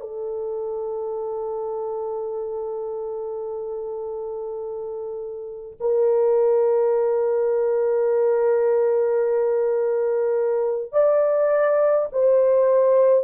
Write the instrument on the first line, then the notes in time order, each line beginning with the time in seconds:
horn
0.00 A4
5.80 A#4
10.92 D5
12.12 C5